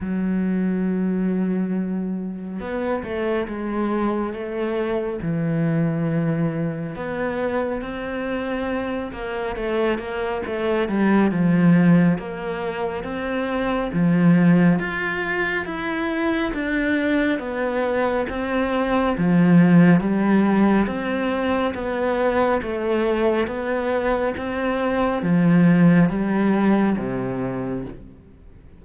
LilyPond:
\new Staff \with { instrumentName = "cello" } { \time 4/4 \tempo 4 = 69 fis2. b8 a8 | gis4 a4 e2 | b4 c'4. ais8 a8 ais8 | a8 g8 f4 ais4 c'4 |
f4 f'4 e'4 d'4 | b4 c'4 f4 g4 | c'4 b4 a4 b4 | c'4 f4 g4 c4 | }